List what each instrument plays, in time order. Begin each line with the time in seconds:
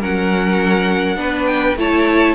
0.00 cello F#3, viola C#4, violin A#4 F#5
1.16 cello B3, viola D4, violin B4
1.46 violin G5
1.76 cello A3, viola E4, violin C#5 A5